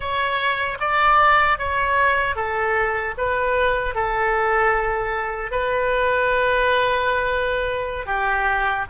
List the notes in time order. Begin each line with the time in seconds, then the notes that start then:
0.00 C#5
0.79 D5
1.58 C#5
2.35 A4
3.17 B4
3.94 A4
5.50 B4
8.06 G4